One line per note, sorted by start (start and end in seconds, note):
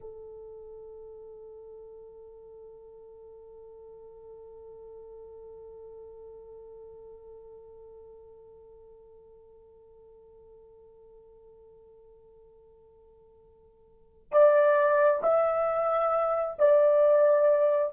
0.00 14.31 A4
14.31 15.21 D5
15.22 16.57 E5
16.58 17.93 D5